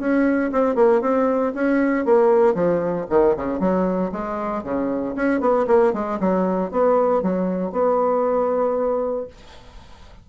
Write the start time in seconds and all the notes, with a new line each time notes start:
0.00 C#4
0.52 C4
0.76 A#3
1.02 C4
1.55 C#4
2.06 A#3
2.55 F3
3.10 D#3
3.37 C#3
3.60 F#3
4.13 G#3
4.64 C#3
5.16 C#4
5.41 B3
5.68 A#3
5.94 G#3
6.21 F#3
6.71 B3
7.23 F#3
7.72 B3